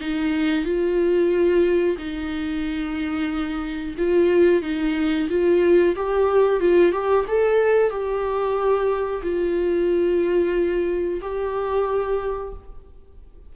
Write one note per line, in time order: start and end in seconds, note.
0.00 0.64 D#4
0.64 1.96 F4
1.98 3.95 D#4
3.98 4.62 F4
4.62 5.28 D#4
5.29 5.95 F4
5.96 6.60 G4
6.60 6.92 F4
6.92 7.25 G4
7.27 7.90 A4
7.90 9.22 G4
9.22 11.20 F4
11.21 12.53 G4